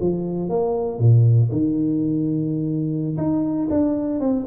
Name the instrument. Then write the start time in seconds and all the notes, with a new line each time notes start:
tuba
0.00 F3
0.49 A#3
0.98 A#2
1.51 D#3
3.17 D#4
3.70 D4
4.19 C4